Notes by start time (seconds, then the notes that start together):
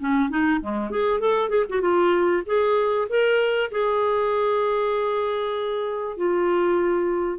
0.00 C#4
0.30 D#4
0.60 G#3
0.90 G#4
1.20 A4
1.49 G#4
1.69 F#4
1.81 F4
2.46 G#4
3.09 A#4
3.71 G#4
6.17 F4